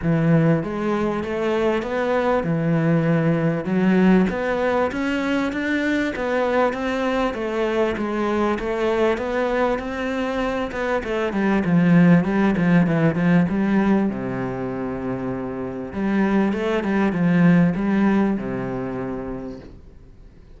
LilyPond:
\new Staff \with { instrumentName = "cello" } { \time 4/4 \tempo 4 = 98 e4 gis4 a4 b4 | e2 fis4 b4 | cis'4 d'4 b4 c'4 | a4 gis4 a4 b4 |
c'4. b8 a8 g8 f4 | g8 f8 e8 f8 g4 c4~ | c2 g4 a8 g8 | f4 g4 c2 | }